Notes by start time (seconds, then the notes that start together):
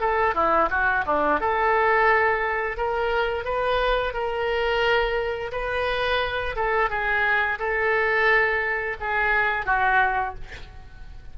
0.00 A4
0.34 E4
0.70 F#4
1.06 D4
1.40 A4
2.77 A#4
3.45 B4
4.13 A#4
5.52 B4
6.55 A4
6.89 G#4
7.59 A4
9.00 G#4
9.65 F#4